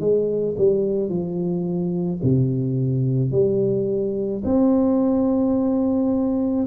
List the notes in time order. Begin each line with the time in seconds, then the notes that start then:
0.00 G#3
0.58 G3
1.09 F3
2.23 C3
3.31 G3
4.44 C4